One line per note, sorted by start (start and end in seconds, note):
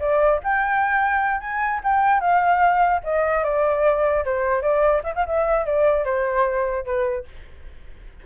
0.00 0.40 D5
0.44 1.40 G5
1.40 1.81 G#5
1.84 2.21 G5
2.21 3.01 F5
3.04 3.44 D#5
3.44 4.24 D5
4.25 4.62 C5
4.62 5.02 D5
5.04 5.14 E5
5.16 5.26 F5
5.26 5.66 E5
5.66 6.05 D5
6.05 6.85 C5
6.85 7.25 B4